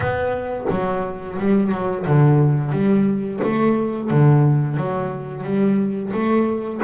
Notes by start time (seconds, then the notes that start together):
0.00 B3
0.69 F#3
1.38 G3
1.72 F#3
2.06 D3
2.71 G3
3.43 A3
4.10 D3
4.76 F#3
5.43 G3
6.13 A3